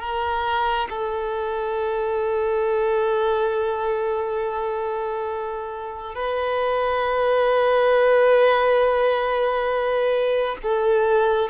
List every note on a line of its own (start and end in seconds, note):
0.00 0.88 A#4
0.90 6.15 A4
6.15 10.56 B4
10.63 11.49 A4